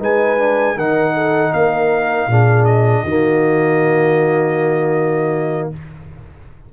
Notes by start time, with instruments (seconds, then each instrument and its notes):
0.00 tuba G#3, trombone D#4, horn B4, trumpet G#5
0.38 trombone D4
0.76 tuba D#3, trombone D#4, horn A#4, trumpet F#5
1.15 horn A4
1.53 tuba A#3, horn A#4, trumpet F5
2.28 tuba A#2, trombone D4, horn G#4
2.65 trumpet D#5
3.04 tuba D#3, trombone A#3, horn F#4